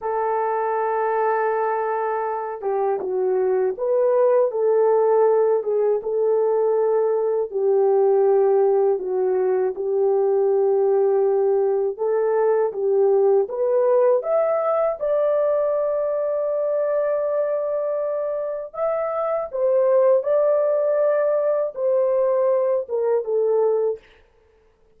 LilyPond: \new Staff \with { instrumentName = "horn" } { \time 4/4 \tempo 4 = 80 a'2.~ a'8 g'8 | fis'4 b'4 a'4. gis'8 | a'2 g'2 | fis'4 g'2. |
a'4 g'4 b'4 e''4 | d''1~ | d''4 e''4 c''4 d''4~ | d''4 c''4. ais'8 a'4 | }